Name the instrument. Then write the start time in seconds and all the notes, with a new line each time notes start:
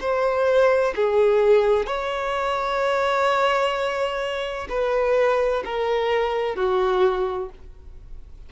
violin
0.00 C5
0.95 G#4
1.86 C#5
4.69 B4
5.65 A#4
6.55 F#4